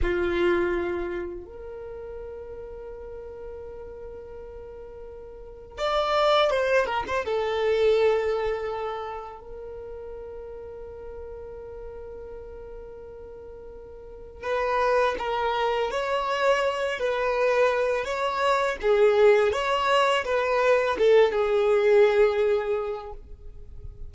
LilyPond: \new Staff \with { instrumentName = "violin" } { \time 4/4 \tempo 4 = 83 f'2 ais'2~ | ais'1 | d''4 c''8 ais'16 c''16 a'2~ | a'4 ais'2.~ |
ais'1 | b'4 ais'4 cis''4. b'8~ | b'4 cis''4 gis'4 cis''4 | b'4 a'8 gis'2~ gis'8 | }